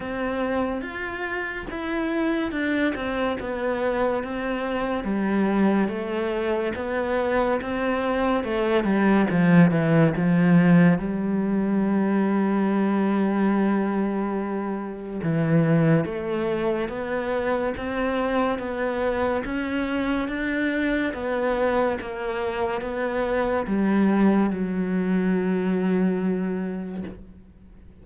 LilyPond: \new Staff \with { instrumentName = "cello" } { \time 4/4 \tempo 4 = 71 c'4 f'4 e'4 d'8 c'8 | b4 c'4 g4 a4 | b4 c'4 a8 g8 f8 e8 | f4 g2.~ |
g2 e4 a4 | b4 c'4 b4 cis'4 | d'4 b4 ais4 b4 | g4 fis2. | }